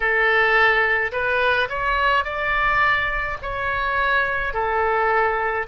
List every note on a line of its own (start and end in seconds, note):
0.00 1.11 A4
1.12 1.68 B4
1.69 2.24 C#5
2.24 3.37 D5
3.42 4.53 C#5
4.53 5.66 A4